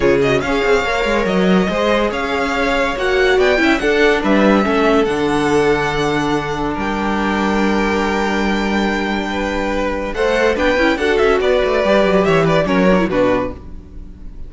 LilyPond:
<<
  \new Staff \with { instrumentName = "violin" } { \time 4/4 \tempo 4 = 142 cis''8 dis''8 f''2 dis''4~ | dis''4 f''2 fis''4 | g''4 fis''4 e''2 | fis''1 |
g''1~ | g''1 | fis''4 g''4 fis''8 e''8 d''4~ | d''4 e''8 d''8 cis''4 b'4 | }
  \new Staff \with { instrumentName = "violin" } { \time 4/4 gis'4 cis''2. | c''4 cis''2. | d''8 e''8 a'4 b'4 a'4~ | a'1 |
ais'1~ | ais'2 b'2 | c''4 b'4 a'4 b'4~ | b'4 cis''8 b'8 ais'4 fis'4 | }
  \new Staff \with { instrumentName = "viola" } { \time 4/4 f'8 fis'8 gis'4 ais'2 | gis'2. fis'4~ | fis'8 e'8 d'2 cis'4 | d'1~ |
d'1~ | d'1 | a'4 d'8 e'8 fis'2 | g'2 cis'8 d'16 e'16 d'4 | }
  \new Staff \with { instrumentName = "cello" } { \time 4/4 cis4 cis'8 c'8 ais8 gis8 fis4 | gis4 cis'2 ais4 | b8 cis'8 d'4 g4 a4 | d1 |
g1~ | g1 | a4 b8 cis'8 d'8 cis'8 b8 a8 | g8 fis8 e4 fis4 b,4 | }
>>